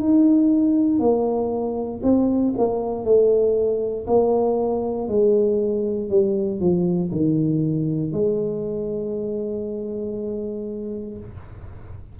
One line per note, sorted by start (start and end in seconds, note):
0.00 0.99 D#4
0.99 2.01 A#3
2.03 2.54 C4
2.57 3.05 A#3
3.05 4.06 A3
4.07 5.08 A#3
5.08 6.10 G#3
6.10 6.60 G3
6.60 7.11 F3
7.12 8.13 D#3
8.13 11.18 G#3